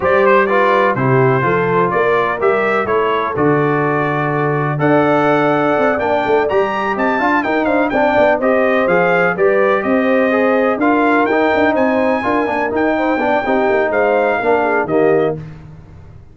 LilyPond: <<
  \new Staff \with { instrumentName = "trumpet" } { \time 4/4 \tempo 4 = 125 d''8 c''8 d''4 c''2 | d''4 e''4 cis''4 d''4~ | d''2 fis''2~ | fis''8 g''4 ais''4 a''4 g''8 |
f''8 g''4 dis''4 f''4 d''8~ | d''8 dis''2 f''4 g''8~ | g''8 gis''2 g''4.~ | g''4 f''2 dis''4 | }
  \new Staff \with { instrumentName = "horn" } { \time 4/4 c''4 b'4 g'4 a'4 | ais'2 a'2~ | a'2 d''2~ | d''2~ d''8 dis''8 f''8 ais'8 |
c''8 d''4 c''2 b'8~ | b'8 c''2 ais'4.~ | ais'8 c''4 ais'4. c''8 d''8 | g'4 c''4 ais'8 gis'8 g'4 | }
  \new Staff \with { instrumentName = "trombone" } { \time 4/4 g'4 f'4 e'4 f'4~ | f'4 g'4 e'4 fis'4~ | fis'2 a'2~ | a'8 d'4 g'4. f'8 dis'8~ |
dis'8 d'4 g'4 gis'4 g'8~ | g'4. gis'4 f'4 dis'8~ | dis'4. f'8 d'8 dis'4 d'8 | dis'2 d'4 ais4 | }
  \new Staff \with { instrumentName = "tuba" } { \time 4/4 g2 c4 f4 | ais4 g4 a4 d4~ | d2 d'2 | c'8 ais8 a8 g4 c'8 d'8 dis'8 |
d'8 c'8 b8 c'4 f4 g8~ | g8 c'2 d'4 dis'8 | d'8 c'4 d'8 ais8 dis'4 b8 | c'8 ais8 gis4 ais4 dis4 | }
>>